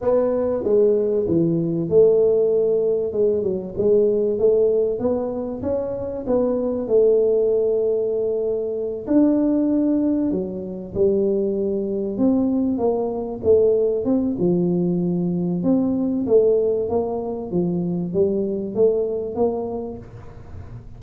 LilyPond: \new Staff \with { instrumentName = "tuba" } { \time 4/4 \tempo 4 = 96 b4 gis4 e4 a4~ | a4 gis8 fis8 gis4 a4 | b4 cis'4 b4 a4~ | a2~ a8 d'4.~ |
d'8 fis4 g2 c'8~ | c'8 ais4 a4 c'8 f4~ | f4 c'4 a4 ais4 | f4 g4 a4 ais4 | }